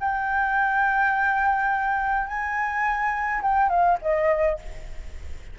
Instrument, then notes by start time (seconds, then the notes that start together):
flute
0.00 G5
2.27 G#5
3.42 G5
3.70 F5
4.02 D#5